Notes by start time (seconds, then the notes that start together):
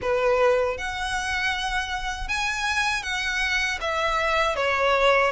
0.01 B4
0.77 F#5
2.28 G#5
3.02 F#5
3.80 E5
4.56 C#5